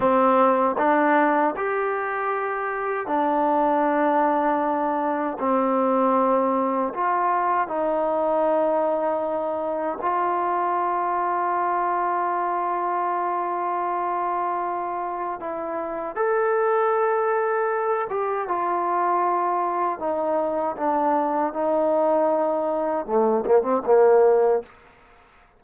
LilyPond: \new Staff \with { instrumentName = "trombone" } { \time 4/4 \tempo 4 = 78 c'4 d'4 g'2 | d'2. c'4~ | c'4 f'4 dis'2~ | dis'4 f'2.~ |
f'1 | e'4 a'2~ a'8 g'8 | f'2 dis'4 d'4 | dis'2 a8 ais16 c'16 ais4 | }